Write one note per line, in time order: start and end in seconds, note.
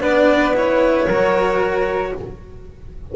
0.00 1.06 B3
0.00 0.53 D4
0.00 1.06 B4
0.00 0.56 D5
0.55 1.07 E4
0.55 2.14 C#5
1.06 2.12 F#3
1.06 2.15 F#4
1.06 2.12 A#4